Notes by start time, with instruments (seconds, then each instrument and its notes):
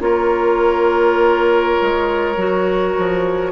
0.00 bassoon A#3, clarinet F4, oboe A#4, flute C#5
1.82 bassoon G#3
2.36 bassoon F#3, clarinet F#4
2.97 bassoon F3